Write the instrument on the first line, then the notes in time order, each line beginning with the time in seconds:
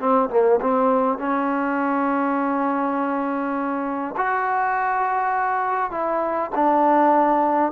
trombone
0.00 C4
0.30 A#3
0.61 C4
1.18 C#4
4.17 F#4
5.91 E4
6.55 D4